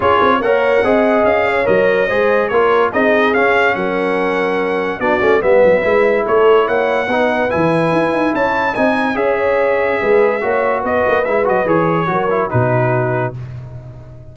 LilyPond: <<
  \new Staff \with { instrumentName = "trumpet" } { \time 4/4 \tempo 4 = 144 cis''4 fis''2 f''4 | dis''2 cis''4 dis''4 | f''4 fis''2. | d''4 e''2 cis''4 |
fis''2 gis''2 | a''4 gis''4 e''2~ | e''2 dis''4 e''8 dis''8 | cis''2 b'2 | }
  \new Staff \with { instrumentName = "horn" } { \time 4/4 gis'4 cis''4 dis''4. cis''8~ | cis''4 c''4 ais'4 gis'4~ | gis'4 ais'2. | fis'4 b'2 a'4 |
cis''4 b'2. | cis''4 dis''4 cis''2 | b'4 cis''4 b'2~ | b'4 ais'4 fis'2 | }
  \new Staff \with { instrumentName = "trombone" } { \time 4/4 f'4 ais'4 gis'2 | ais'4 gis'4 f'4 dis'4 | cis'1 | d'8 cis'8 b4 e'2~ |
e'4 dis'4 e'2~ | e'4 dis'4 gis'2~ | gis'4 fis'2 e'8 fis'8 | gis'4 fis'8 e'8 dis'2 | }
  \new Staff \with { instrumentName = "tuba" } { \time 4/4 cis'8 c'8 ais4 c'4 cis'4 | fis4 gis4 ais4 c'4 | cis'4 fis2. | b8 a8 g8 fis8 gis4 a4 |
ais4 b4 e4 e'8 dis'8 | cis'4 c'4 cis'2 | gis4 ais4 b8 ais8 gis8 fis8 | e4 fis4 b,2 | }
>>